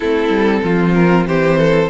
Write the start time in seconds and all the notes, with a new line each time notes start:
0.00 A3 C4 E4 A4
0.29 G3
0.63 F3 F4
0.94 A#4
1.26 E3 G4 C5
1.58 A4